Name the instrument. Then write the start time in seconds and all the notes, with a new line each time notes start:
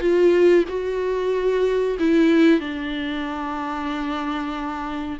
viola
0.00 F4
0.69 F#4
1.99 E4
2.60 D4